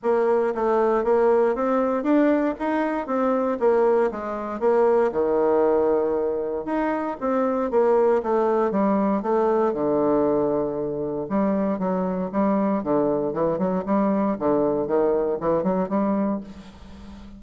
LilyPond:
\new Staff \with { instrumentName = "bassoon" } { \time 4/4 \tempo 4 = 117 ais4 a4 ais4 c'4 | d'4 dis'4 c'4 ais4 | gis4 ais4 dis2~ | dis4 dis'4 c'4 ais4 |
a4 g4 a4 d4~ | d2 g4 fis4 | g4 d4 e8 fis8 g4 | d4 dis4 e8 fis8 g4 | }